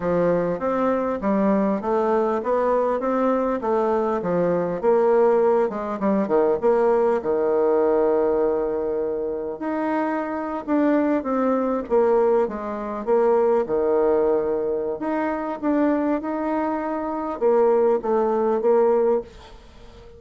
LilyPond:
\new Staff \with { instrumentName = "bassoon" } { \time 4/4 \tempo 4 = 100 f4 c'4 g4 a4 | b4 c'4 a4 f4 | ais4. gis8 g8 dis8 ais4 | dis1 |
dis'4.~ dis'16 d'4 c'4 ais16~ | ais8. gis4 ais4 dis4~ dis16~ | dis4 dis'4 d'4 dis'4~ | dis'4 ais4 a4 ais4 | }